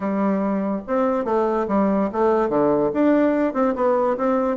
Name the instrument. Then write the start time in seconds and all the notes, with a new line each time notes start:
bassoon
0.00 G3
0.87 C4
1.24 A3
1.68 G3
2.12 A3
2.49 D3
2.93 D4
3.53 C4
3.75 B3
4.17 C4